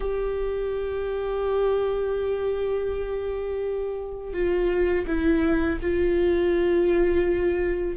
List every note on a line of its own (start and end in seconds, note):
0.00 4.33 G4
4.33 5.05 F4
5.06 5.79 E4
5.81 7.96 F4